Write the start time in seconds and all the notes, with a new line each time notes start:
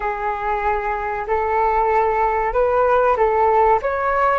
0.00 G#4
1.27 A4
2.53 B4
3.16 A4
3.82 C#5